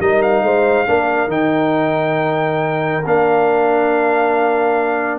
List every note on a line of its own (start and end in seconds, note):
0.00 0.42 G3
0.00 0.87 D#4
0.00 0.44 A#4
0.00 0.22 D#5
0.22 1.31 F5
0.42 0.86 G#3
0.42 0.88 C5
0.87 1.27 A#3
0.87 1.29 D4
0.87 5.19 A#4
1.27 3.01 D#3
1.27 3.03 D#4
1.27 3.05 G5
3.06 5.19 A#3
3.06 5.19 D4
3.06 5.19 F5